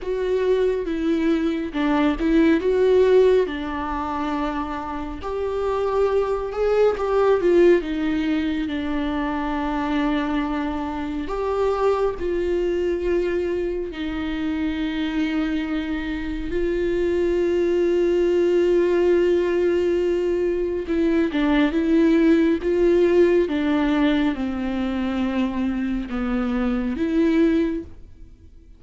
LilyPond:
\new Staff \with { instrumentName = "viola" } { \time 4/4 \tempo 4 = 69 fis'4 e'4 d'8 e'8 fis'4 | d'2 g'4. gis'8 | g'8 f'8 dis'4 d'2~ | d'4 g'4 f'2 |
dis'2. f'4~ | f'1 | e'8 d'8 e'4 f'4 d'4 | c'2 b4 e'4 | }